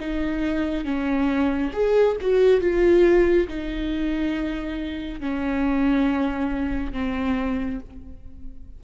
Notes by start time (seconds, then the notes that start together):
0.00 D#4
0.85 C#4
1.73 G#4
2.21 F#4
2.61 F4
3.48 D#4
5.20 C#4
6.93 C4